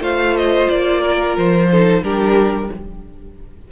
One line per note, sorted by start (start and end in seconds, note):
0.00 0.67 A3
0.00 1.70 F4
0.00 1.01 C5
0.00 0.37 F5
0.37 0.69 D#5
0.69 1.37 A#3
0.69 1.37 D5
1.01 1.69 A#4
1.37 2.02 F3
1.37 2.04 C5
1.71 2.03 D#4
1.71 2.04 A4
2.02 2.69 G3
2.02 2.71 D4
2.02 2.71 G4
2.02 2.71 A#4